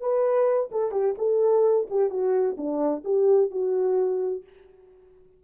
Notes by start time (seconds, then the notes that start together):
0.00 B4
0.71 A4
0.92 G4
1.18 A4
1.90 G4
2.10 F#4
2.57 D4
3.04 G4
3.51 F#4